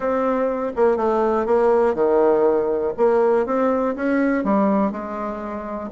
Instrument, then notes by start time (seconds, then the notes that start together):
bassoon
0.00 C4
0.75 A#3
0.96 A3
1.46 A#3
1.94 D#3
2.97 A#3
3.46 C4
3.95 C#4
4.44 G3
4.91 G#3